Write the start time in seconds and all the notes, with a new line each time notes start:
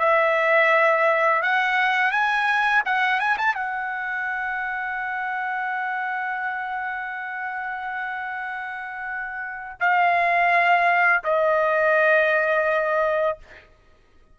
0.00 E5
1.43 F#5
2.12 G#5
2.86 F#5
3.20 G#5
3.38 A5
3.55 F#5
9.81 F5
11.24 D#5